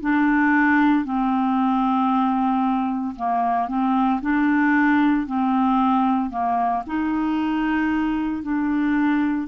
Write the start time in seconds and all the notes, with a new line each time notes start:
0.00 D4
1.04 C4
3.16 A#3
3.68 C4
4.21 D4
5.26 C4
6.30 A#3
6.86 D#4
8.42 D4